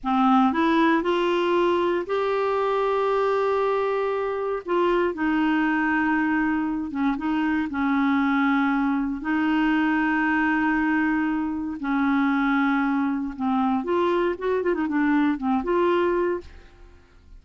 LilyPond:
\new Staff \with { instrumentName = "clarinet" } { \time 4/4 \tempo 4 = 117 c'4 e'4 f'2 | g'1~ | g'4 f'4 dis'2~ | dis'4. cis'8 dis'4 cis'4~ |
cis'2 dis'2~ | dis'2. cis'4~ | cis'2 c'4 f'4 | fis'8 f'16 dis'16 d'4 c'8 f'4. | }